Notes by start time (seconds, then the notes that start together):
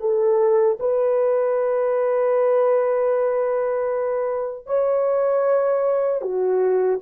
0.00 A4
0.79 B4
4.66 C#5
6.21 F#4